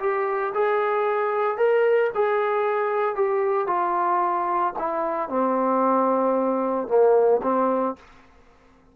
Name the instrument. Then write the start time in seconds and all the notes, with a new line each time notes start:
trombone
0.00 G4
0.54 G#4
1.58 A#4
2.15 G#4
3.15 G4
3.67 F4
4.79 E4
5.29 C4
6.88 A#3
7.43 C4